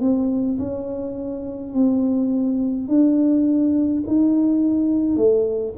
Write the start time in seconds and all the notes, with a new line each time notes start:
0.00 C4
0.58 C#4
1.73 C4
2.87 D4
4.06 D#4
5.16 A3